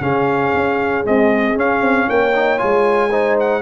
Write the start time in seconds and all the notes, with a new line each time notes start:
0.00 C#3 C#4 G#4 F5
0.53 C#4
1.04 G#3 C4 D#5
1.55 C#4 F5
1.81 C4
2.09 A#3 C#5 G5
2.34 D#4
2.57 G#3 F4 G#5
3.10 D#4 C5
3.39 F#5